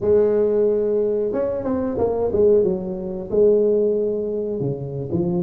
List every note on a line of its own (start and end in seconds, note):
0.01 1.32 G#3
1.32 1.64 C#4
1.64 1.97 C4
1.98 2.31 A#3
2.32 2.63 G#3
2.63 3.29 F#3
3.30 4.60 G#3
4.60 5.09 C#3
5.11 5.43 F3